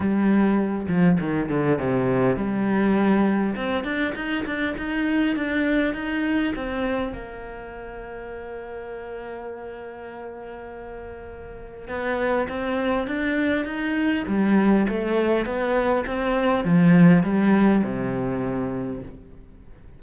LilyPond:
\new Staff \with { instrumentName = "cello" } { \time 4/4 \tempo 4 = 101 g4. f8 dis8 d8 c4 | g2 c'8 d'8 dis'8 d'8 | dis'4 d'4 dis'4 c'4 | ais1~ |
ais1 | b4 c'4 d'4 dis'4 | g4 a4 b4 c'4 | f4 g4 c2 | }